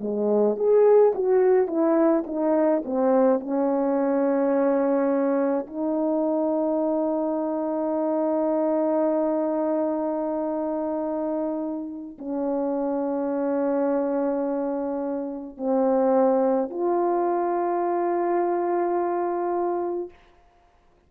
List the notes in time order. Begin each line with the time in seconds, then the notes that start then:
0.00 G#3
0.56 G#4
1.15 F#4
1.67 E4
2.26 D#4
2.85 C4
3.40 C#4
5.67 D#4
12.19 C#4
15.57 C4
16.70 F4